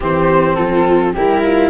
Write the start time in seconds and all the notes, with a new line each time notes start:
0.00 E3 C4 G4 C5
0.55 F3 F4 A4
1.12 G3 E4 G4 A#4
1.42 F4